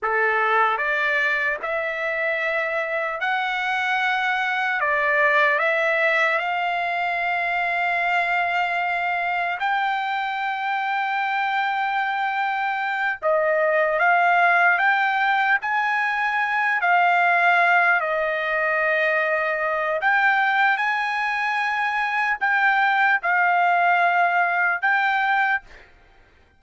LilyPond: \new Staff \with { instrumentName = "trumpet" } { \time 4/4 \tempo 4 = 75 a'4 d''4 e''2 | fis''2 d''4 e''4 | f''1 | g''1~ |
g''8 dis''4 f''4 g''4 gis''8~ | gis''4 f''4. dis''4.~ | dis''4 g''4 gis''2 | g''4 f''2 g''4 | }